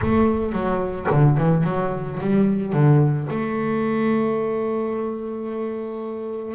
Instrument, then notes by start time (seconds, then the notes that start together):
double bass
0.01 A3
0.52 F#3
1.10 D3
1.37 E3
1.64 F#3
2.20 G3
2.72 D3
3.30 A3